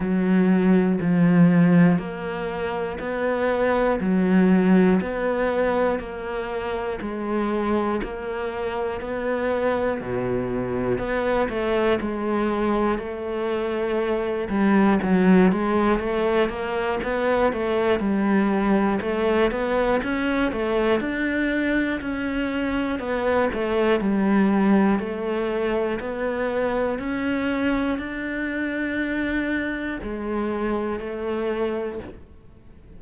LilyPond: \new Staff \with { instrumentName = "cello" } { \time 4/4 \tempo 4 = 60 fis4 f4 ais4 b4 | fis4 b4 ais4 gis4 | ais4 b4 b,4 b8 a8 | gis4 a4. g8 fis8 gis8 |
a8 ais8 b8 a8 g4 a8 b8 | cis'8 a8 d'4 cis'4 b8 a8 | g4 a4 b4 cis'4 | d'2 gis4 a4 | }